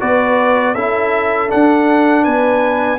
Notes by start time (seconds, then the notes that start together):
0.00 B3 F#4 B4 D5
0.75 C#4 E4 A4 E5
1.49 D4 F#5
2.24 B3 B4 G#5